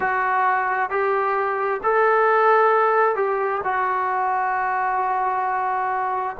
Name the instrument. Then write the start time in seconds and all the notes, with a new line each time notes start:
trombone
0.00 F#4
0.90 G4
1.83 A4
3.15 G4
3.64 F#4